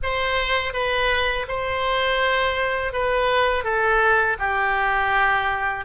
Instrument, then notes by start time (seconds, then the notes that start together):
oboe
0.02 C5
0.73 B4
1.48 C5
2.92 B4
3.64 A4
4.38 G4